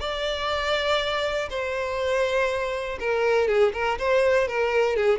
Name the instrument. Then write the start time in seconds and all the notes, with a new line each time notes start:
violin
0.00 D5
1.50 C5
3.00 A#4
3.48 G#4
3.73 A#4
3.98 C5
4.48 A#4
4.96 G#4